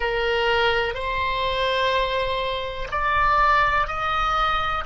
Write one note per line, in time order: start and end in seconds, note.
0.00 0.94 A#4
0.94 2.88 C5
2.91 3.87 D5
3.87 4.84 D#5